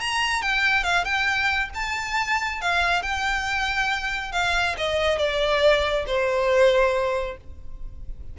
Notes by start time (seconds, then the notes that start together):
0.00 A#5
0.42 G5
0.83 F5
1.04 G5
1.74 A5
2.61 F5
3.02 G5
4.32 F5
4.77 D#5
5.18 D5
6.07 C5